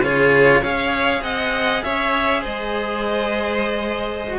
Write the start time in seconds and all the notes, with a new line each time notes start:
0.00 C#3 F4 G#4 C#5
0.61 C#4 G#4 C#5 F5
1.22 C4 D#5 F#5
1.83 C#4 C#5 E5
2.41 G#3 C5 D#5
4.29 F#4